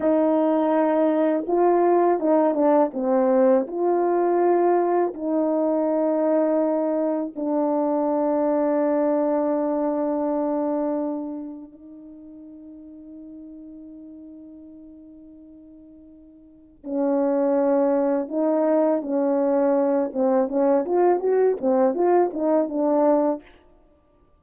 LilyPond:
\new Staff \with { instrumentName = "horn" } { \time 4/4 \tempo 4 = 82 dis'2 f'4 dis'8 d'8 | c'4 f'2 dis'4~ | dis'2 d'2~ | d'1 |
dis'1~ | dis'2. cis'4~ | cis'4 dis'4 cis'4. c'8 | cis'8 f'8 fis'8 c'8 f'8 dis'8 d'4 | }